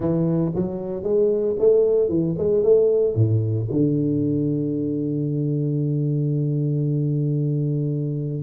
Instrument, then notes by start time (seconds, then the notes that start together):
tuba
0.00 E3
0.55 F#3
1.03 G#3
1.59 A3
2.08 E3
2.38 G#3
2.63 A3
3.15 A2
3.70 D3